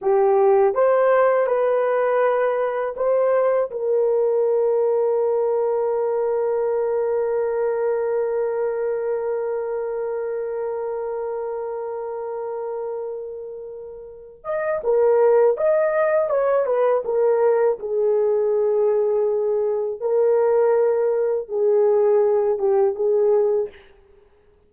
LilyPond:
\new Staff \with { instrumentName = "horn" } { \time 4/4 \tempo 4 = 81 g'4 c''4 b'2 | c''4 ais'2.~ | ais'1~ | ais'1~ |
ais'2.~ ais'8 dis''8 | ais'4 dis''4 cis''8 b'8 ais'4 | gis'2. ais'4~ | ais'4 gis'4. g'8 gis'4 | }